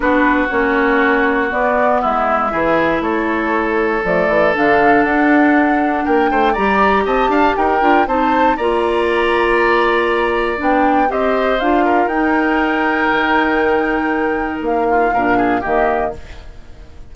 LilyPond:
<<
  \new Staff \with { instrumentName = "flute" } { \time 4/4 \tempo 4 = 119 b'4 cis''2 d''4 | e''2 cis''2 | d''4 f''4 fis''2 | g''4 ais''4 a''4 g''4 |
a''4 ais''2.~ | ais''4 g''4 dis''4 f''4 | g''1~ | g''4 f''2 dis''4 | }
  \new Staff \with { instrumentName = "oboe" } { \time 4/4 fis'1 | e'4 gis'4 a'2~ | a'1 | ais'8 c''8 d''4 dis''8 f''8 ais'4 |
c''4 d''2.~ | d''2 c''4. ais'8~ | ais'1~ | ais'4. f'8 ais'8 gis'8 g'4 | }
  \new Staff \with { instrumentName = "clarinet" } { \time 4/4 d'4 cis'2 b4~ | b4 e'2. | a4 d'2.~ | d'4 g'2~ g'8 f'8 |
dis'4 f'2.~ | f'4 d'4 g'4 f'4 | dis'1~ | dis'2 d'4 ais4 | }
  \new Staff \with { instrumentName = "bassoon" } { \time 4/4 b4 ais2 b4 | gis4 e4 a2 | f8 e8 d4 d'2 | ais8 a8 g4 c'8 d'8 dis'8 d'8 |
c'4 ais2.~ | ais4 b4 c'4 d'4 | dis'2 dis2~ | dis4 ais4 ais,4 dis4 | }
>>